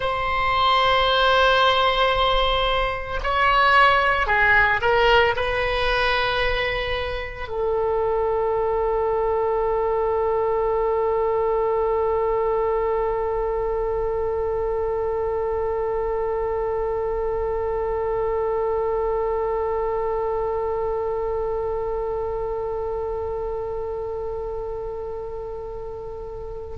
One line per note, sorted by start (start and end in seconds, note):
0.00 3.19 C5
3.23 4.26 C#5
4.26 4.80 G#4
4.81 5.34 A#4
5.36 7.48 B4
7.48 26.77 A4